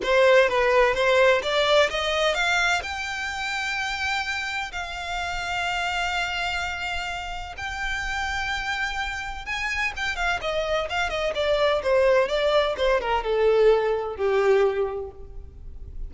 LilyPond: \new Staff \with { instrumentName = "violin" } { \time 4/4 \tempo 4 = 127 c''4 b'4 c''4 d''4 | dis''4 f''4 g''2~ | g''2 f''2~ | f''1 |
g''1 | gis''4 g''8 f''8 dis''4 f''8 dis''8 | d''4 c''4 d''4 c''8 ais'8 | a'2 g'2 | }